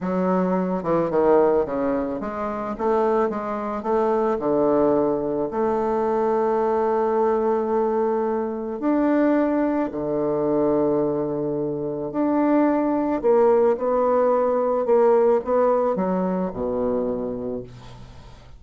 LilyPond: \new Staff \with { instrumentName = "bassoon" } { \time 4/4 \tempo 4 = 109 fis4. e8 dis4 cis4 | gis4 a4 gis4 a4 | d2 a2~ | a1 |
d'2 d2~ | d2 d'2 | ais4 b2 ais4 | b4 fis4 b,2 | }